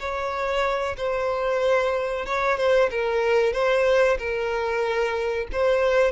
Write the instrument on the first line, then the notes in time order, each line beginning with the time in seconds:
violin
0.00 C#5
0.97 C5
2.26 C#5
2.58 C5
2.91 A#4
3.53 C5
4.19 A#4
5.53 C5